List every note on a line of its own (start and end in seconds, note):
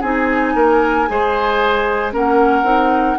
0.00 0.55 C4
0.00 1.07 D#4
0.00 0.53 G#4
0.00 2.12 G#5
0.55 1.07 A#3
0.55 1.08 A#4
1.07 2.13 G#3
1.07 2.12 G#4
1.07 2.13 C5
2.12 2.63 A#3
2.12 2.64 C#4
2.12 3.18 A#4
2.12 3.18 F#5
2.63 3.15 C4
2.63 3.16 D#4